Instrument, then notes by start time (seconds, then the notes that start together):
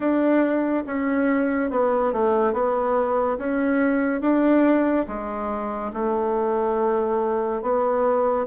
bassoon
0.00 D4
0.86 C#4
1.70 B3
2.12 A3
2.53 B3
3.38 C#4
4.21 D4
5.07 G#3
5.93 A3
7.62 B3